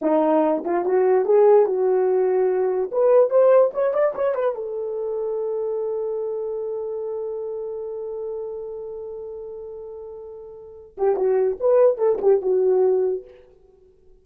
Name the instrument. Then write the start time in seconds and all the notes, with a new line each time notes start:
horn
0.01 D#4
0.64 F4
0.85 F#4
1.25 G#4
1.66 F#4
2.91 B4
3.30 C5
3.73 C#5
3.93 D5
4.15 C#5
4.34 B4
4.55 A4
10.97 G4
11.16 F#4
11.60 B4
11.97 A4
12.21 G4
12.41 F#4